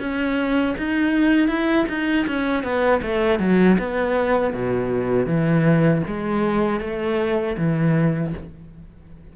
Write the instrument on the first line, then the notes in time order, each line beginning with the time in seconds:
cello
0.00 C#4
0.78 D#4
1.48 E4
1.89 D#4
2.27 C#4
2.63 B3
3.02 A3
3.40 F#3
3.79 B3
4.54 B2
5.26 E3
6.07 G#3
6.80 A3
7.58 E3